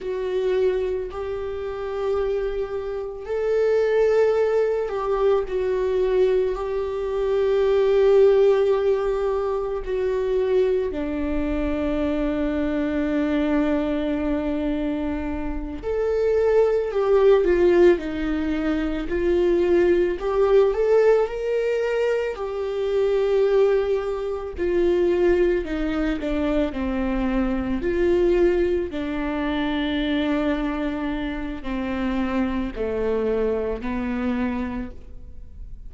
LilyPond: \new Staff \with { instrumentName = "viola" } { \time 4/4 \tempo 4 = 55 fis'4 g'2 a'4~ | a'8 g'8 fis'4 g'2~ | g'4 fis'4 d'2~ | d'2~ d'8 a'4 g'8 |
f'8 dis'4 f'4 g'8 a'8 ais'8~ | ais'8 g'2 f'4 dis'8 | d'8 c'4 f'4 d'4.~ | d'4 c'4 a4 b4 | }